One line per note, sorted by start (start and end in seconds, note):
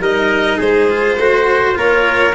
0.00 0.58 G3
0.00 0.89 D#4
0.00 0.57 A#4
0.00 0.60 D#5
0.57 1.17 G#3
0.57 1.16 G#4
0.57 1.76 C5
0.89 1.19 F4
1.17 1.76 A3
1.17 1.75 F#4
1.17 1.78 C5
1.75 2.35 A#3
1.75 2.33 F4
1.75 2.35 A#4
1.75 2.35 C#5